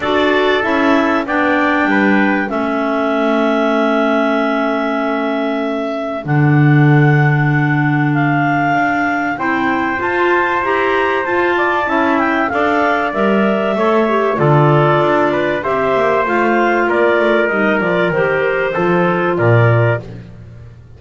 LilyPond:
<<
  \new Staff \with { instrumentName = "clarinet" } { \time 4/4 \tempo 4 = 96 d''4 e''4 g''2 | e''1~ | e''2 fis''2~ | fis''4 f''2 g''4 |
a''4 ais''4 a''4. g''8 | f''4 e''2 d''4~ | d''4 e''4 f''4 d''4 | dis''8 d''8 c''2 d''4 | }
  \new Staff \with { instrumentName = "trumpet" } { \time 4/4 a'2 d''4 b'4 | a'1~ | a'1~ | a'2. c''4~ |
c''2~ c''8 d''8 e''4 | d''2 cis''4 a'4~ | a'8 b'8 c''2 ais'4~ | ais'2 a'4 ais'4 | }
  \new Staff \with { instrumentName = "clarinet" } { \time 4/4 fis'4 e'4 d'2 | cis'1~ | cis'2 d'2~ | d'2. e'4 |
f'4 g'4 f'4 e'4 | a'4 ais'4 a'8 g'8 f'4~ | f'4 g'4 f'2 | dis'8 f'8 g'4 f'2 | }
  \new Staff \with { instrumentName = "double bass" } { \time 4/4 d'4 cis'4 b4 g4 | a1~ | a2 d2~ | d2 d'4 c'4 |
f'4 e'4 f'4 cis'4 | d'4 g4 a4 d4 | d'4 c'8 ais8 a4 ais8 a8 | g8 f8 dis4 f4 ais,4 | }
>>